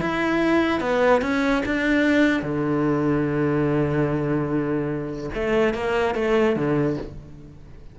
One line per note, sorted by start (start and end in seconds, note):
0.00 0.80 E4
0.80 1.21 B3
1.21 1.62 C#4
1.65 2.42 D4
2.42 5.30 D3
5.34 5.73 A3
5.73 6.14 A#3
6.14 6.55 A3
6.56 6.97 D3